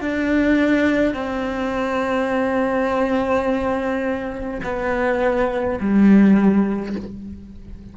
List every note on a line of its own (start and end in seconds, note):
0.00 1.14 D4
1.14 4.60 C4
4.64 5.79 B3
5.80 6.95 G3